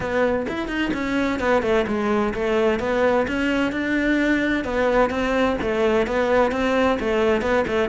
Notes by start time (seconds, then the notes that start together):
0.00 B3
0.48 E4
0.68 D#4
0.93 C#4
1.39 B3
1.62 A3
1.87 G#3
2.34 A3
2.79 B3
3.27 C#4
3.72 D4
4.64 B3
5.10 C4
5.61 A3
6.06 B3
6.51 C4
6.99 A3
7.41 B3
7.67 A3